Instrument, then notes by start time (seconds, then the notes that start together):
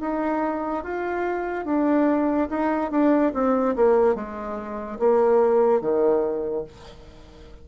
bassoon
0.00 D#4
0.83 F4
1.65 D4
2.50 D#4
2.91 D4
3.34 C4
3.76 A#3
4.15 G#3
4.99 A#3
5.81 D#3